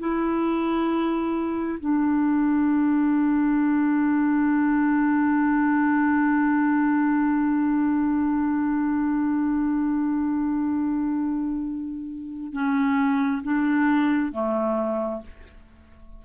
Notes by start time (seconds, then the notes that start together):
0.00 E4
1.80 D4
12.53 C#4
13.43 D4
14.33 A3